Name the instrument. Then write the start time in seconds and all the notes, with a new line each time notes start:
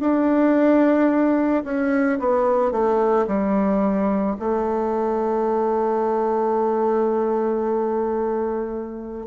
bassoon
0.00 D4
1.64 C#4
2.20 B3
2.72 A3
3.27 G3
4.39 A3